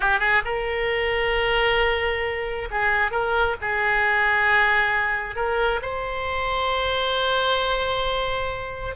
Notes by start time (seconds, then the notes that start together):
0.00 G4
0.19 G#4
0.45 A#4
2.70 G#4
3.11 A#4
3.61 G#4
5.35 A#4
5.81 C5